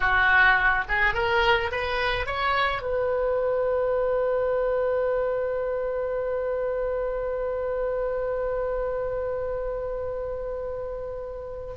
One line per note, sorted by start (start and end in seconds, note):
0.00 0.84 F#4
0.88 1.14 G#4
1.14 1.70 A#4
1.71 2.26 B4
2.26 2.82 C#5
2.82 11.73 B4